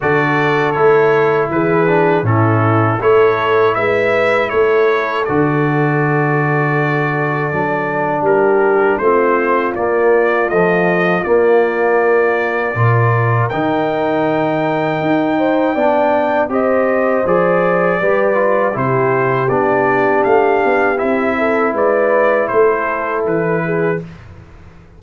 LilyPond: <<
  \new Staff \with { instrumentName = "trumpet" } { \time 4/4 \tempo 4 = 80 d''4 cis''4 b'4 a'4 | cis''4 e''4 cis''4 d''4~ | d''2. ais'4 | c''4 d''4 dis''4 d''4~ |
d''2 g''2~ | g''2 dis''4 d''4~ | d''4 c''4 d''4 f''4 | e''4 d''4 c''4 b'4 | }
  \new Staff \with { instrumentName = "horn" } { \time 4/4 a'2 gis'4 e'4 | a'4 b'4 a'2~ | a'2. g'4 | f'1~ |
f'4 ais'2.~ | ais'8 c''8 d''4 c''2 | b'4 g'2.~ | g'8 a'8 b'4 a'4. gis'8 | }
  \new Staff \with { instrumentName = "trombone" } { \time 4/4 fis'4 e'4. d'8 cis'4 | e'2. fis'4~ | fis'2 d'2 | c'4 ais4 f4 ais4~ |
ais4 f'4 dis'2~ | dis'4 d'4 g'4 gis'4 | g'8 f'8 e'4 d'2 | e'1 | }
  \new Staff \with { instrumentName = "tuba" } { \time 4/4 d4 a4 e4 a,4 | a4 gis4 a4 d4~ | d2 fis4 g4 | a4 ais4 a4 ais4~ |
ais4 ais,4 dis2 | dis'4 b4 c'4 f4 | g4 c4 b4 a8 b8 | c'4 gis4 a4 e4 | }
>>